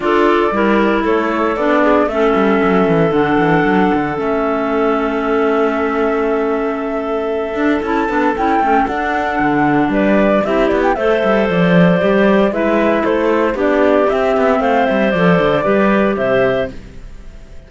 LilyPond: <<
  \new Staff \with { instrumentName = "flute" } { \time 4/4 \tempo 4 = 115 d''2 cis''4 d''4 | e''2 fis''2 | e''1~ | e''2. a''4 |
g''4 fis''2 d''4 | e''8 d''16 g''16 e''4 d''2 | e''4 c''4 d''4 e''4 | f''8 e''8 d''2 e''4 | }
  \new Staff \with { instrumentName = "clarinet" } { \time 4/4 a'4 ais'4 a'4. gis'8 | a'1~ | a'1~ | a'1~ |
a'2. b'4 | g'4 c''2. | b'4 a'4 g'2 | c''2 b'4 c''4 | }
  \new Staff \with { instrumentName = "clarinet" } { \time 4/4 f'4 e'2 d'4 | cis'2 d'2 | cis'1~ | cis'2~ cis'8 d'8 e'8 d'8 |
e'8 cis'8 d'2. | e'4 a'2 g'4 | e'2 d'4 c'4~ | c'4 a'4 g'2 | }
  \new Staff \with { instrumentName = "cello" } { \time 4/4 d'4 g4 a4 b4 | a8 g8 fis8 e8 d8 e8 fis8 d8 | a1~ | a2~ a8 d'8 cis'8 b8 |
cis'8 a8 d'4 d4 g4 | c'8 b8 a8 g8 f4 g4 | gis4 a4 b4 c'8 b8 | a8 g8 f8 d8 g4 c4 | }
>>